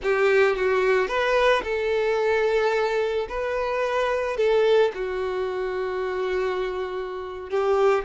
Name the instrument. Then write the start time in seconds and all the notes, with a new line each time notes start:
violin
0.02 G4
0.56 F#4
1.08 B4
1.63 A4
3.29 B4
4.36 A4
4.94 F#4
7.50 G4